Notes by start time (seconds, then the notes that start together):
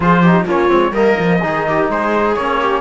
0.00 F3 F4 G#4 C5
0.21 D#4 G4
0.45 A#3 C#4 F4 C#5
0.68 G#3 C4
0.91 G3 A#3 A#4 D#5
1.19 F3
1.42 D#3 D#4 G#4
1.68 G4
1.89 G#3 G#4 C5
2.34 A#3 C#4 C#5
2.60 G4